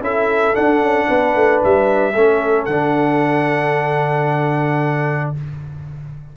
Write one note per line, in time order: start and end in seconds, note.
0.00 0.53 C#4
0.00 0.54 E4
0.00 1.08 A4
0.00 0.55 E5
0.54 2.13 D4
0.54 0.81 D4
0.54 1.61 F#5
0.81 1.08 C#4
1.08 1.35 B3
1.08 2.14 B4
1.35 1.62 A3
1.63 2.14 G3
1.63 2.65 E5
2.14 2.67 A3
2.14 2.70 C#4
2.14 5.34 A4
2.65 5.33 D3
2.65 5.36 D4
2.65 5.31 F#5